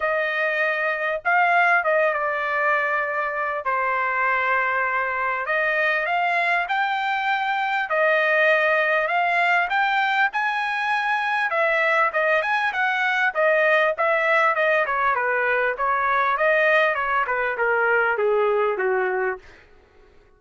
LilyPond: \new Staff \with { instrumentName = "trumpet" } { \time 4/4 \tempo 4 = 99 dis''2 f''4 dis''8 d''8~ | d''2 c''2~ | c''4 dis''4 f''4 g''4~ | g''4 dis''2 f''4 |
g''4 gis''2 e''4 | dis''8 gis''8 fis''4 dis''4 e''4 | dis''8 cis''8 b'4 cis''4 dis''4 | cis''8 b'8 ais'4 gis'4 fis'4 | }